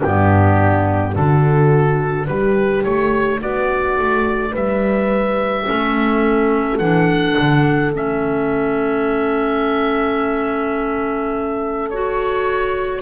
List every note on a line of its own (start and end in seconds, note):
0.00 1.16 G2
0.00 1.16 B3
0.00 1.13 D4
0.00 1.15 G4
1.15 2.28 D3
1.15 5.67 D4
1.15 2.28 F#4
1.15 2.27 A4
2.27 2.85 G3
2.27 3.41 G4
2.27 2.84 B4
2.84 3.42 A3
2.84 3.40 C#5
3.41 3.98 B3
3.41 4.51 F#4
3.41 4.55 D5
3.98 4.54 A3
4.51 5.68 G3
4.51 5.64 B4
4.51 6.79 E5
5.67 6.80 A3
5.67 6.80 C#4
5.67 13.02 A4
6.79 7.37 E3
6.79 7.94 D4
6.79 7.92 F#5
7.39 7.95 D3
7.94 13.02 A3
7.94 11.91 C#4
7.94 11.90 E5
11.90 13.02 F#4
11.90 13.02 C#5